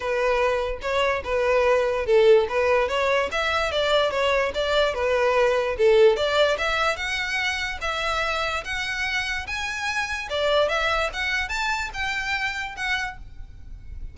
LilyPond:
\new Staff \with { instrumentName = "violin" } { \time 4/4 \tempo 4 = 146 b'2 cis''4 b'4~ | b'4 a'4 b'4 cis''4 | e''4 d''4 cis''4 d''4 | b'2 a'4 d''4 |
e''4 fis''2 e''4~ | e''4 fis''2 gis''4~ | gis''4 d''4 e''4 fis''4 | a''4 g''2 fis''4 | }